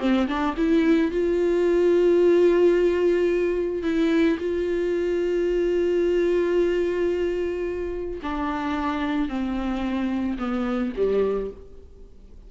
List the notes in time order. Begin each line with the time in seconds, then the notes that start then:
0.00 C4
0.28 D4
0.57 E4
1.12 F4
3.83 E4
4.39 F4
8.23 D4
9.29 C4
10.39 B3
10.97 G3